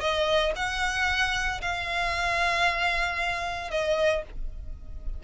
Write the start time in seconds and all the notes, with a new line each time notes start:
0.00 D#5
0.56 F#5
1.61 F5
3.71 D#5